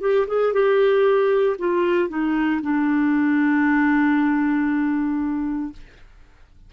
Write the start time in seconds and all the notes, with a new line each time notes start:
0.00 G4
0.27 G#4
0.53 G4
1.58 F4
2.08 D#4
2.61 D4